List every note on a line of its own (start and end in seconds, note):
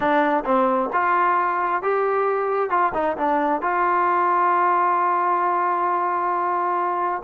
0.00 0.43 D4
0.44 0.89 C4
0.92 1.82 F4
1.82 2.70 G4
2.70 2.92 F4
2.94 3.16 D#4
3.17 3.61 D4
3.61 7.22 F4